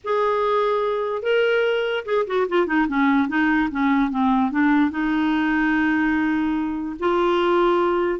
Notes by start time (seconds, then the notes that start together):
0.04 G#4
1.22 A#4
2.05 G#4
2.26 F#4
2.49 F4
2.66 D#4
2.87 C#4
3.28 D#4
3.71 C#4
4.10 C4
4.51 D4
4.90 D#4
6.99 F4